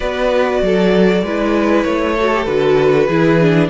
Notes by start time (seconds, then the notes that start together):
0.00 B3 F#4 B4 D5
0.62 F#3 A4
1.22 G#3 E4 B4
1.83 A3 C#5
2.14 F#4 A4
2.34 G4
2.45 D3 F#4 B4
3.07 E3 E4 G#4
3.40 D4